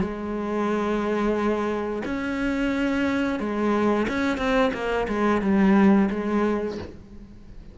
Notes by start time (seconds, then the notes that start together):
0.00 G#3
2.05 C#4
3.39 G#3
4.08 C#4
4.37 C4
4.73 A#3
5.07 G#3
5.41 G3
6.10 G#3